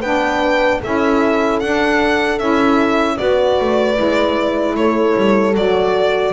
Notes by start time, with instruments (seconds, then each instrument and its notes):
0.00 double bass B3, saxophone D4, horn B4, violin G5
0.80 double bass C#4, saxophone E4, horn A4, violin E5
1.59 double bass D4, saxophone D4, violin F#5
2.38 double bass C#4, saxophone E4, violin E5
3.16 double bass B3, saxophone F#4, horn B4, violin D5
3.60 double bass A3
3.94 double bass G#3, saxophone E4
4.75 double bass A3, horn A4, violin C#5
5.16 double bass G3
5.55 double bass F#3, saxophone F#4, violin D5